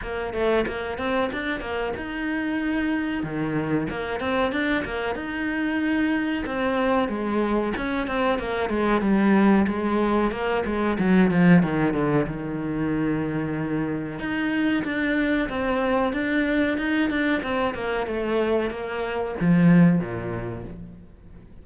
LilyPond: \new Staff \with { instrumentName = "cello" } { \time 4/4 \tempo 4 = 93 ais8 a8 ais8 c'8 d'8 ais8 dis'4~ | dis'4 dis4 ais8 c'8 d'8 ais8 | dis'2 c'4 gis4 | cis'8 c'8 ais8 gis8 g4 gis4 |
ais8 gis8 fis8 f8 dis8 d8 dis4~ | dis2 dis'4 d'4 | c'4 d'4 dis'8 d'8 c'8 ais8 | a4 ais4 f4 ais,4 | }